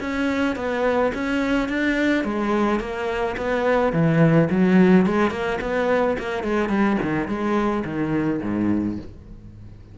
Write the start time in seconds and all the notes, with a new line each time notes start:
0.00 C#4
0.55 B3
1.14 C#4
1.68 D4
2.24 G#3
2.80 A#3
3.36 B3
3.92 E3
4.50 F#3
5.06 G#3
5.30 A#3
5.61 B3
6.18 A#3
6.43 G#3
6.69 G3
7.02 D#3
7.27 G#3
7.84 D#3
8.42 G#2